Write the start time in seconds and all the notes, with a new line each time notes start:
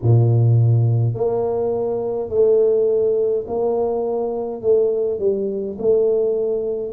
0.02 A#2
1.14 A#3
2.29 A3
3.47 A#3
4.61 A3
5.19 G3
5.78 A3